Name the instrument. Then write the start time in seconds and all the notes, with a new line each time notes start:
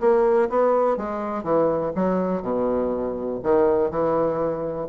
bassoon
0.00 A#3
0.49 B3
0.97 G#3
1.43 E3
1.95 F#3
2.42 B2
3.43 D#3
3.90 E3